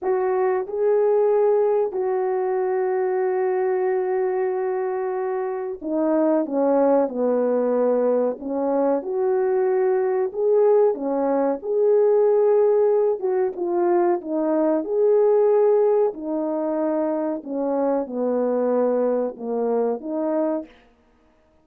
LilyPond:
\new Staff \with { instrumentName = "horn" } { \time 4/4 \tempo 4 = 93 fis'4 gis'2 fis'4~ | fis'1~ | fis'4 dis'4 cis'4 b4~ | b4 cis'4 fis'2 |
gis'4 cis'4 gis'2~ | gis'8 fis'8 f'4 dis'4 gis'4~ | gis'4 dis'2 cis'4 | b2 ais4 dis'4 | }